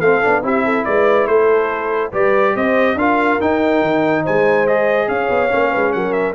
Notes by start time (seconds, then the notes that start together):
0.00 A3 C4 A4 F5
0.22 B3 D4
0.43 C4 E4 G4 E5
0.65 A4
0.85 G#3 B4 D5
1.27 A3 A4 C5
2.12 G3 G4 B4 D5
2.54 C4 C5 D#5
2.95 D4 F4 A#4 F5
3.41 D#4 G5
3.82 D#3
4.23 G#3 C5 G#5
4.67 G#4 D#5
5.08 C#4 C#5 F5
5.29 B3
5.50 A#3 C#4
5.70 G#3 B4
5.93 F#3 A#4 F#5
6.12 E5